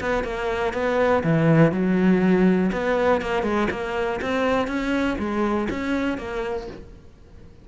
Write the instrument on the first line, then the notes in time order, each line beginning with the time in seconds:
cello
0.00 B3
0.24 A#3
0.73 B3
1.23 E3
1.72 F#3
2.72 B3
3.21 A#3
3.43 G#3
3.71 A#3
4.21 C4
4.67 C#4
5.19 G#3
5.70 C#4
6.18 A#3